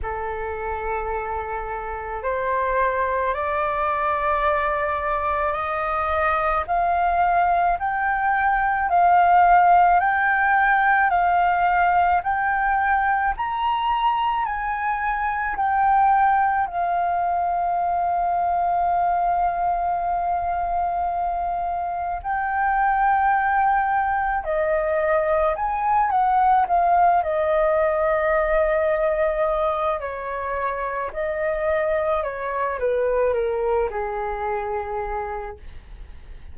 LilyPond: \new Staff \with { instrumentName = "flute" } { \time 4/4 \tempo 4 = 54 a'2 c''4 d''4~ | d''4 dis''4 f''4 g''4 | f''4 g''4 f''4 g''4 | ais''4 gis''4 g''4 f''4~ |
f''1 | g''2 dis''4 gis''8 fis''8 | f''8 dis''2~ dis''8 cis''4 | dis''4 cis''8 b'8 ais'8 gis'4. | }